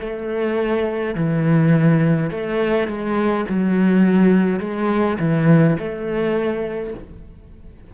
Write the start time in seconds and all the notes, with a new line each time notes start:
0.00 A3
1.15 E3
2.31 A3
2.88 G#3
3.49 F#3
4.60 G#3
5.20 E3
5.79 A3